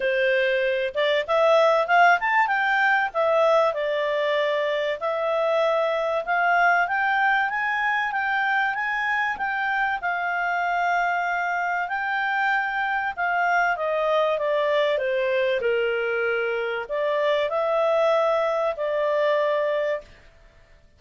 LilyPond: \new Staff \with { instrumentName = "clarinet" } { \time 4/4 \tempo 4 = 96 c''4. d''8 e''4 f''8 a''8 | g''4 e''4 d''2 | e''2 f''4 g''4 | gis''4 g''4 gis''4 g''4 |
f''2. g''4~ | g''4 f''4 dis''4 d''4 | c''4 ais'2 d''4 | e''2 d''2 | }